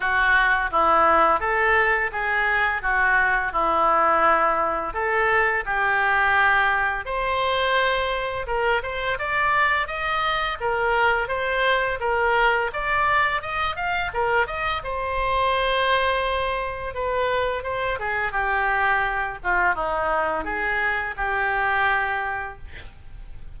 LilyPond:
\new Staff \with { instrumentName = "oboe" } { \time 4/4 \tempo 4 = 85 fis'4 e'4 a'4 gis'4 | fis'4 e'2 a'4 | g'2 c''2 | ais'8 c''8 d''4 dis''4 ais'4 |
c''4 ais'4 d''4 dis''8 f''8 | ais'8 dis''8 c''2. | b'4 c''8 gis'8 g'4. f'8 | dis'4 gis'4 g'2 | }